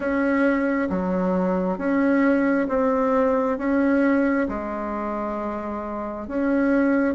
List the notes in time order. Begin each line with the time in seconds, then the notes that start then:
0.00 C#4
0.89 F#3
1.77 C#4
2.68 C4
3.58 C#4
4.48 G#3
6.27 C#4